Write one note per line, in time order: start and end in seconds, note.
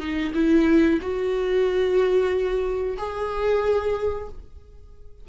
0.00 0.33 D#4
0.35 1.00 E4
1.02 2.98 F#4
2.98 4.29 G#4